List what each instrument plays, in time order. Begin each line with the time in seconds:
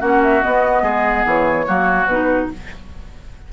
0.00 bassoon A#3, clarinet C#4, oboe F#4, flute F#5
0.23 flute E5
0.42 clarinet B3, bassoon B3, flute D#5
0.83 bassoon G#3, oboe G#4
1.26 bassoon E3, flute C#5
1.66 bassoon F#3, clarinet A#3, oboe F#4
2.06 bassoon B2, clarinet D#4, flute B4